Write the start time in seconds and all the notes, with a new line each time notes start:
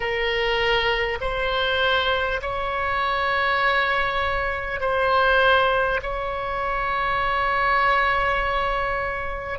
0.00 A#4
1.21 C5
2.41 C#5
4.80 C5
6.02 C#5